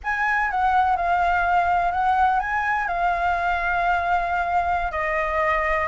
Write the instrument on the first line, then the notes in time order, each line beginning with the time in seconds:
flute
0.03 G#5
0.50 F#5
0.96 F5
1.91 F#5
2.39 G#5
2.87 F5
4.91 D#5